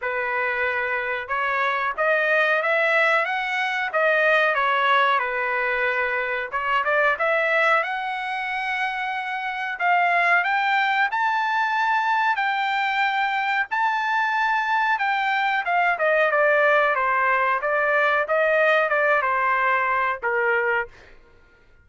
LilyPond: \new Staff \with { instrumentName = "trumpet" } { \time 4/4 \tempo 4 = 92 b'2 cis''4 dis''4 | e''4 fis''4 dis''4 cis''4 | b'2 cis''8 d''8 e''4 | fis''2. f''4 |
g''4 a''2 g''4~ | g''4 a''2 g''4 | f''8 dis''8 d''4 c''4 d''4 | dis''4 d''8 c''4. ais'4 | }